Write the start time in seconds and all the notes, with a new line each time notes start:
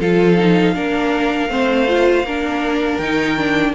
0.00 F3 F4 A4 F5
0.38 D#4
0.75 A#3 D4 A#4
1.49 A3 C4 C5
1.87 F4
2.24 A#3 D4 A#4
2.97 D#3 D#4 G5
3.38 D4